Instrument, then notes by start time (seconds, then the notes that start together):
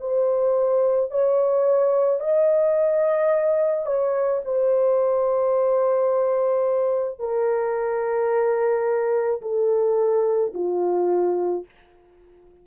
horn
0.00 C5
1.11 C#5
2.20 D#5
3.86 C#5
4.45 C5
7.19 A#4
9.42 A4
10.54 F4